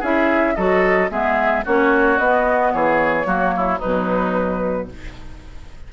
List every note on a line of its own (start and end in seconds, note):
0.00 0.57 C#4
0.00 0.57 E4
0.00 0.54 G#4
0.00 0.56 E5
0.56 1.10 F#3
0.56 1.11 F#4
0.56 1.11 A4
0.56 1.10 D#5
1.10 1.65 G#3
1.10 1.65 B3
1.10 1.65 G#4
1.10 1.65 E5
1.65 2.19 A#3
1.65 2.20 C#4
1.65 2.73 F#4
1.65 2.18 C#5
2.18 2.73 B3
2.18 3.25 B3
2.18 2.72 D#5
2.73 3.26 E3
2.73 3.27 G#4
2.73 3.81 C#5
3.25 3.80 F#3
3.25 3.79 A#3
3.25 3.54 F#4
3.57 3.79 E4
3.79 4.93 B2
3.79 4.91 F#3
3.79 4.87 D#4
3.79 4.89 B4